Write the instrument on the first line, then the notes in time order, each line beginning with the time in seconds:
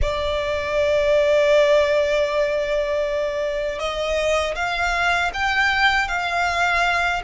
violin
0.01 D5
3.79 D#5
4.55 F5
5.33 G5
6.08 F5